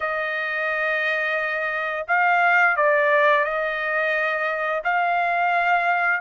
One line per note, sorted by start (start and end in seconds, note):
0.00 2.05 D#5
2.07 2.76 F5
2.76 3.44 D5
3.44 4.82 D#5
4.83 6.20 F5